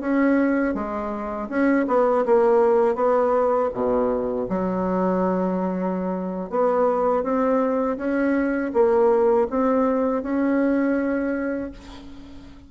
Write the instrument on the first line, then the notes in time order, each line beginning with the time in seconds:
bassoon
0.00 C#4
0.74 G#3
1.48 C#4
1.87 B3
2.25 A#3
2.95 B3
3.73 B2
4.48 F#3
6.50 B3
7.23 C4
7.97 C#4
8.73 A#3
9.50 C4
10.23 C#4